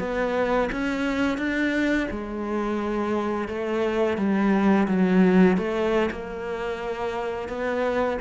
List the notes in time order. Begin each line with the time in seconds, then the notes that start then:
0.00 B3
0.72 C#4
1.38 D4
2.11 G#3
3.49 A3
4.18 G3
4.88 F#3
5.58 A3
6.11 A#3
7.49 B3